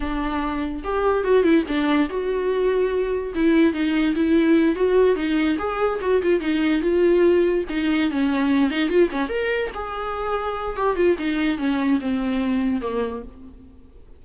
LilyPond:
\new Staff \with { instrumentName = "viola" } { \time 4/4 \tempo 4 = 145 d'2 g'4 fis'8 e'8 | d'4 fis'2. | e'4 dis'4 e'4. fis'8~ | fis'8 dis'4 gis'4 fis'8 f'8 dis'8~ |
dis'8 f'2 dis'4 cis'8~ | cis'4 dis'8 f'8 cis'8 ais'4 gis'8~ | gis'2 g'8 f'8 dis'4 | cis'4 c'2 ais4 | }